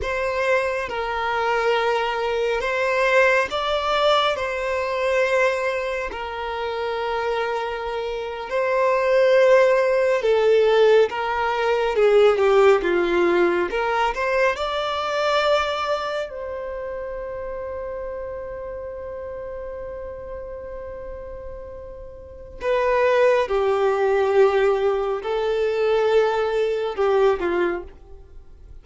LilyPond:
\new Staff \with { instrumentName = "violin" } { \time 4/4 \tempo 4 = 69 c''4 ais'2 c''4 | d''4 c''2 ais'4~ | ais'4.~ ais'16 c''2 a'16~ | a'8. ais'4 gis'8 g'8 f'4 ais'16~ |
ais'16 c''8 d''2 c''4~ c''16~ | c''1~ | c''2 b'4 g'4~ | g'4 a'2 g'8 f'8 | }